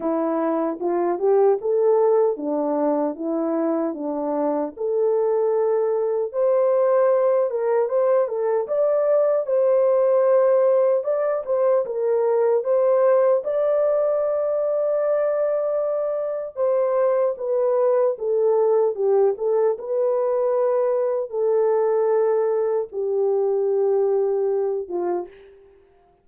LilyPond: \new Staff \with { instrumentName = "horn" } { \time 4/4 \tempo 4 = 76 e'4 f'8 g'8 a'4 d'4 | e'4 d'4 a'2 | c''4. ais'8 c''8 a'8 d''4 | c''2 d''8 c''8 ais'4 |
c''4 d''2.~ | d''4 c''4 b'4 a'4 | g'8 a'8 b'2 a'4~ | a'4 g'2~ g'8 f'8 | }